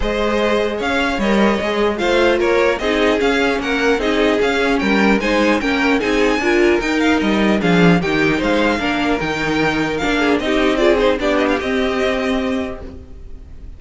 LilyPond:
<<
  \new Staff \with { instrumentName = "violin" } { \time 4/4 \tempo 4 = 150 dis''2 f''4 dis''4~ | dis''4 f''4 cis''4 dis''4 | f''4 fis''4 dis''4 f''4 | g''4 gis''4 g''4 gis''4~ |
gis''4 g''8 f''8 dis''4 f''4 | g''4 f''2 g''4~ | g''4 f''4 dis''4 d''8 c''8 | d''8 dis''16 f''16 dis''2. | }
  \new Staff \with { instrumentName = "violin" } { \time 4/4 c''2 cis''2~ | cis''4 c''4 ais'4 gis'4~ | gis'4 ais'4 gis'2 | ais'4 c''4 ais'4 gis'4 |
ais'2. gis'4 | g'4 c''4 ais'2~ | ais'4. gis'8 g'4 gis'4 | g'1 | }
  \new Staff \with { instrumentName = "viola" } { \time 4/4 gis'2. ais'4 | gis'4 f'2 dis'4 | cis'2 dis'4 cis'4~ | cis'4 dis'4 cis'4 dis'4 |
f'4 dis'2 d'4 | dis'2 d'4 dis'4~ | dis'4 d'4 dis'4 f'8 dis'8 | d'4 c'2. | }
  \new Staff \with { instrumentName = "cello" } { \time 4/4 gis2 cis'4 g4 | gis4 a4 ais4 c'4 | cis'4 ais4 c'4 cis'4 | g4 gis4 ais4 c'4 |
d'4 dis'4 g4 f4 | dis4 gis4 ais4 dis4~ | dis4 ais4 c'2 | b4 c'2. | }
>>